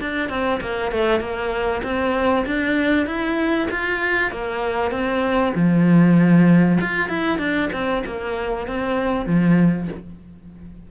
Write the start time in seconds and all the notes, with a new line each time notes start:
0.00 D4
0.29 C4
0.60 A#3
0.91 A3
1.20 A#3
1.83 C4
2.46 D4
3.06 E4
3.70 F4
4.31 A#3
4.91 C4
5.54 F3
6.80 F4
7.08 E4
7.38 D4
7.72 C4
8.06 A#3
8.67 C4
9.26 F3